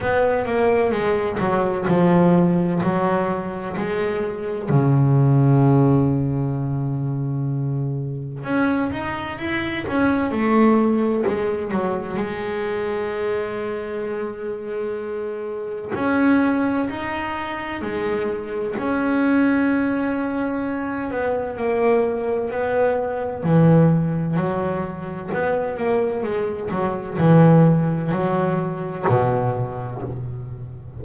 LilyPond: \new Staff \with { instrumentName = "double bass" } { \time 4/4 \tempo 4 = 64 b8 ais8 gis8 fis8 f4 fis4 | gis4 cis2.~ | cis4 cis'8 dis'8 e'8 cis'8 a4 | gis8 fis8 gis2.~ |
gis4 cis'4 dis'4 gis4 | cis'2~ cis'8 b8 ais4 | b4 e4 fis4 b8 ais8 | gis8 fis8 e4 fis4 b,4 | }